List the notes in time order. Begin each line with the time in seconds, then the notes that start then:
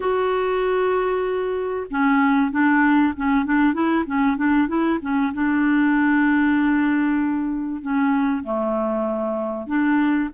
0.00 F#4
1.90 C#4
2.51 D4
3.16 C#4
3.45 D4
3.73 E4
4.06 C#4
4.36 D4
4.68 E4
5.01 C#4
5.33 D4
7.81 C#4
8.43 A3
9.66 D4